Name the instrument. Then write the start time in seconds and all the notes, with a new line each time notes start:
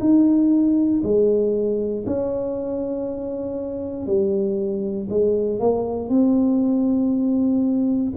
tuba
0.00 D#4
1.04 G#3
2.07 C#4
4.07 G3
5.09 G#3
5.60 A#3
6.09 C4